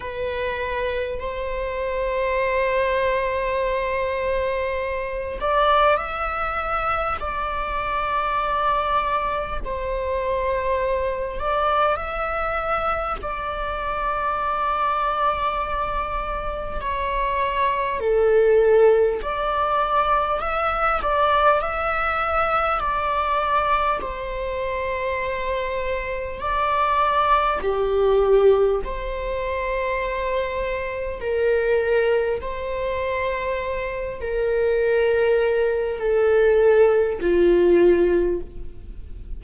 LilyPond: \new Staff \with { instrumentName = "viola" } { \time 4/4 \tempo 4 = 50 b'4 c''2.~ | c''8 d''8 e''4 d''2 | c''4. d''8 e''4 d''4~ | d''2 cis''4 a'4 |
d''4 e''8 d''8 e''4 d''4 | c''2 d''4 g'4 | c''2 ais'4 c''4~ | c''8 ais'4. a'4 f'4 | }